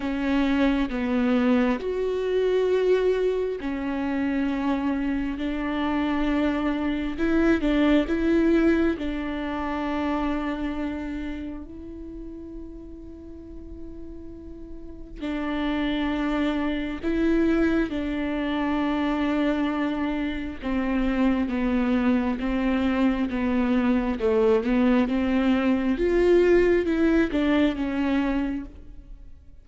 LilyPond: \new Staff \with { instrumentName = "viola" } { \time 4/4 \tempo 4 = 67 cis'4 b4 fis'2 | cis'2 d'2 | e'8 d'8 e'4 d'2~ | d'4 e'2.~ |
e'4 d'2 e'4 | d'2. c'4 | b4 c'4 b4 a8 b8 | c'4 f'4 e'8 d'8 cis'4 | }